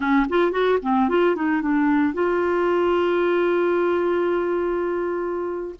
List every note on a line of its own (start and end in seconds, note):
0.00 0.26 C#4
0.29 0.51 F4
0.51 0.78 F#4
0.82 1.08 C4
1.09 1.35 F4
1.35 1.61 D#4
1.61 2.13 D4
2.13 5.75 F4